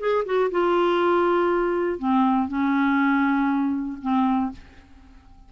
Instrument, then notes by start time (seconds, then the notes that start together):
clarinet
0.00 G#4
0.26 F#4
0.51 F4
1.99 C4
2.49 C#4
4.02 C4